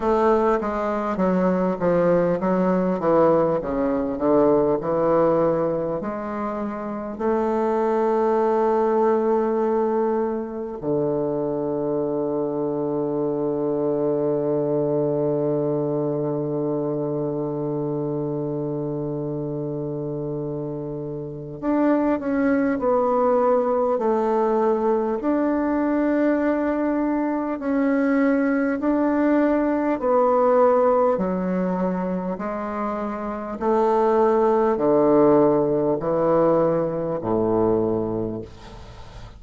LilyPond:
\new Staff \with { instrumentName = "bassoon" } { \time 4/4 \tempo 4 = 50 a8 gis8 fis8 f8 fis8 e8 cis8 d8 | e4 gis4 a2~ | a4 d2.~ | d1~ |
d2 d'8 cis'8 b4 | a4 d'2 cis'4 | d'4 b4 fis4 gis4 | a4 d4 e4 a,4 | }